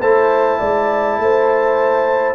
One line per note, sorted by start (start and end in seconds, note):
0.00 0.60 A3
0.00 2.35 E4
0.00 0.59 C5
0.00 2.35 A5
0.59 1.18 G#3
0.59 1.18 D5
1.18 2.35 A3
1.18 2.35 C5